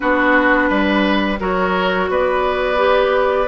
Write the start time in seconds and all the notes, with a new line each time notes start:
0.00 B3 D4 F#4 B4
0.69 G3 B4
1.39 F#3 F#4 A#4 C#5
2.09 B3 B4 D5
2.76 G4